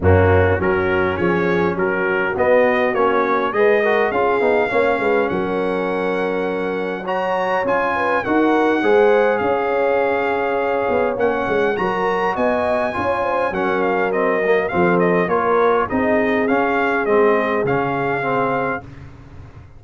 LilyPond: <<
  \new Staff \with { instrumentName = "trumpet" } { \time 4/4 \tempo 4 = 102 fis'4 ais'4 cis''4 ais'4 | dis''4 cis''4 dis''4 f''4~ | f''4 fis''2. | ais''4 gis''4 fis''2 |
f''2. fis''4 | ais''4 gis''2 fis''8 f''8 | dis''4 f''8 dis''8 cis''4 dis''4 | f''4 dis''4 f''2 | }
  \new Staff \with { instrumentName = "horn" } { \time 4/4 cis'4 fis'4 gis'4 fis'4~ | fis'2 b'8 ais'8 gis'4 | cis''8 b'8 ais'2. | cis''4. b'8 ais'4 c''4 |
cis''1 | ais'4 dis''4 cis''8 c''8 ais'4~ | ais'4 a'4 ais'4 gis'4~ | gis'1 | }
  \new Staff \with { instrumentName = "trombone" } { \time 4/4 ais4 cis'2. | b4 cis'4 gis'8 fis'8 f'8 dis'8 | cis'1 | fis'4 f'4 fis'4 gis'4~ |
gis'2. cis'4 | fis'2 f'4 cis'4 | c'8 ais8 c'4 f'4 dis'4 | cis'4 c'4 cis'4 c'4 | }
  \new Staff \with { instrumentName = "tuba" } { \time 4/4 fis,4 fis4 f4 fis4 | b4 ais4 gis4 cis'8 b8 | ais8 gis8 fis2.~ | fis4 cis'4 dis'4 gis4 |
cis'2~ cis'8 b8 ais8 gis8 | fis4 b4 cis'4 fis4~ | fis4 f4 ais4 c'4 | cis'4 gis4 cis2 | }
>>